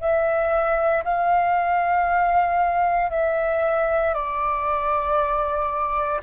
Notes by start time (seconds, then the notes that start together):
0.00 E5
1.04 F5
3.10 E5
4.14 D5